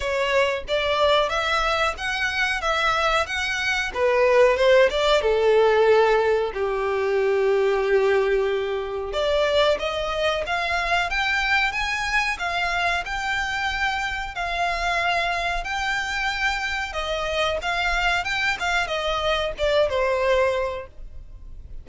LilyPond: \new Staff \with { instrumentName = "violin" } { \time 4/4 \tempo 4 = 92 cis''4 d''4 e''4 fis''4 | e''4 fis''4 b'4 c''8 d''8 | a'2 g'2~ | g'2 d''4 dis''4 |
f''4 g''4 gis''4 f''4 | g''2 f''2 | g''2 dis''4 f''4 | g''8 f''8 dis''4 d''8 c''4. | }